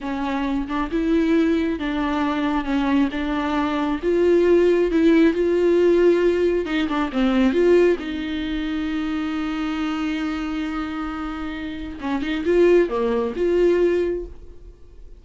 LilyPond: \new Staff \with { instrumentName = "viola" } { \time 4/4 \tempo 4 = 135 cis'4. d'8 e'2 | d'2 cis'4 d'4~ | d'4 f'2 e'4 | f'2. dis'8 d'8 |
c'4 f'4 dis'2~ | dis'1~ | dis'2. cis'8 dis'8 | f'4 ais4 f'2 | }